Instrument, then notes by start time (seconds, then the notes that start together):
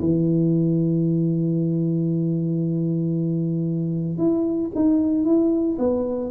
tuba
0.00 E3
4.18 E4
4.75 D#4
5.25 E4
5.79 B3